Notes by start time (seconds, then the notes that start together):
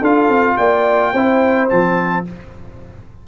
0.00 D4 F4 A4 F5
0.29 C4
0.57 A#3 D5 G5
1.13 C4 E4 C5
1.69 F3 C4 A5